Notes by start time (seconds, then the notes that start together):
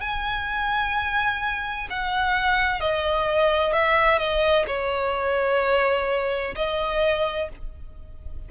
0.00 G#5
1.90 F#5
2.80 D#5
3.72 E5
4.18 D#5
4.67 C#5
6.55 D#5